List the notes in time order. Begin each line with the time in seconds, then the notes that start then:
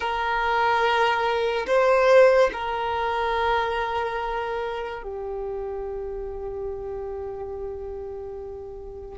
0.00 A#4
1.67 C5
2.52 A#4
5.02 G4